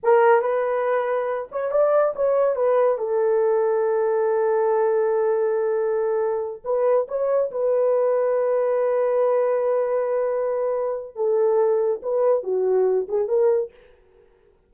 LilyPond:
\new Staff \with { instrumentName = "horn" } { \time 4/4 \tempo 4 = 140 ais'4 b'2~ b'8 cis''8 | d''4 cis''4 b'4 a'4~ | a'1~ | a'2.~ a'8 b'8~ |
b'8 cis''4 b'2~ b'8~ | b'1~ | b'2 a'2 | b'4 fis'4. gis'8 ais'4 | }